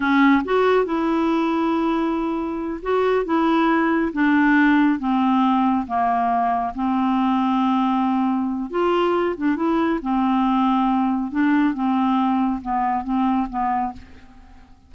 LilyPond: \new Staff \with { instrumentName = "clarinet" } { \time 4/4 \tempo 4 = 138 cis'4 fis'4 e'2~ | e'2~ e'8 fis'4 e'8~ | e'4. d'2 c'8~ | c'4. ais2 c'8~ |
c'1 | f'4. d'8 e'4 c'4~ | c'2 d'4 c'4~ | c'4 b4 c'4 b4 | }